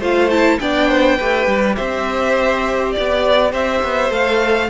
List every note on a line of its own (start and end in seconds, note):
0.00 0.59 A3
0.00 0.31 F4
0.00 0.59 C5
0.00 0.31 F5
0.31 0.61 E4
0.31 0.59 A5
0.59 1.20 B3
0.59 1.19 D4
0.59 0.89 D5
0.59 1.76 G5
0.89 1.17 C5
1.17 1.48 A3
1.17 4.11 G4
1.17 1.76 B4
1.48 1.77 G3
1.76 2.96 C4
1.76 2.94 C5
1.76 2.92 E5
2.92 3.51 D5
2.92 3.52 D5
2.99 3.53 B3
3.52 3.83 C4
3.52 4.70 C5
3.52 4.13 E5
3.83 4.10 B3
4.10 4.69 A3
4.10 4.69 A4
4.10 4.70 F5